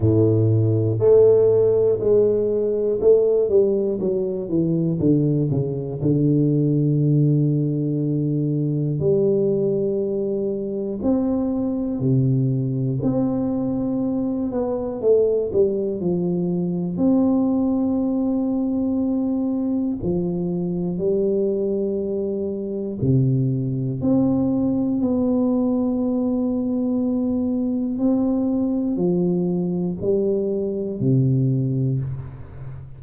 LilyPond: \new Staff \with { instrumentName = "tuba" } { \time 4/4 \tempo 4 = 60 a,4 a4 gis4 a8 g8 | fis8 e8 d8 cis8 d2~ | d4 g2 c'4 | c4 c'4. b8 a8 g8 |
f4 c'2. | f4 g2 c4 | c'4 b2. | c'4 f4 g4 c4 | }